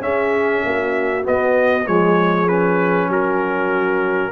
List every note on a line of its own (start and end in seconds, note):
0.00 1.22 C#4
0.00 0.62 C#4
0.00 0.65 G#4
0.00 1.24 E5
0.64 1.25 A#3
0.64 1.88 F#4
1.23 1.84 B3
1.23 1.87 B3
1.23 1.87 D#5
1.87 3.09 F3
1.87 2.48 G#3
1.87 3.07 G#4
1.87 2.48 C#5
2.48 4.31 C#4
2.48 3.09 B4
3.07 4.31 F#3
3.07 4.30 F#4
3.07 4.31 A#4